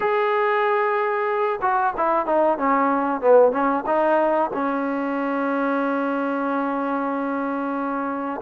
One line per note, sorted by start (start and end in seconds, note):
0.00 1.59 G#4
1.61 1.93 F#4
1.96 2.26 E4
2.26 2.57 D#4
2.57 3.21 C#4
3.21 3.52 B3
3.52 3.84 C#4
3.86 4.50 D#4
4.53 8.40 C#4